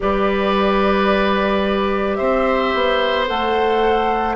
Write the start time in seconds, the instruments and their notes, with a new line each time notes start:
0.00 bassoon G3, clarinet G4, oboe B4, flute D5
2.15 bassoon C4, oboe C5, flute E5
2.74 bassoon B3
3.27 bassoon A3, clarinet A4, flute F#5